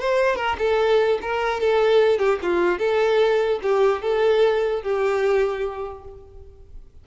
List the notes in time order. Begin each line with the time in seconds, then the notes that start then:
0.00 C5
0.36 A#4
0.59 A4
1.22 A#4
1.61 A4
2.19 G4
2.43 F4
2.79 A4
3.63 G4
4.02 A4
4.83 G4